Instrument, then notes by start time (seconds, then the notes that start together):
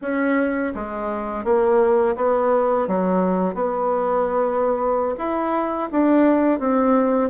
bassoon
0.01 C#4
0.74 G#3
1.44 A#3
2.16 B3
2.87 F#3
3.54 B3
5.18 E4
5.91 D4
6.59 C4